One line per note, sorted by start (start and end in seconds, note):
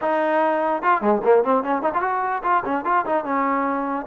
0.01 0.82 D#4
0.82 1.01 F4
1.01 1.21 G#3
1.24 1.44 A#3
1.44 1.63 C4
1.63 1.82 C#4
1.82 1.92 D#4
1.94 2.01 F4
2.01 2.42 F#4
2.43 2.63 F4
2.64 2.84 C#4
2.84 3.05 F4
3.05 3.24 D#4
3.24 4.06 C#4